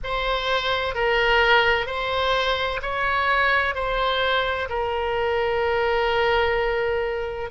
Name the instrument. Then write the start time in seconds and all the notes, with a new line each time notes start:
oboe
0.03 C5
0.94 A#4
1.86 C5
2.81 C#5
3.74 C5
4.69 A#4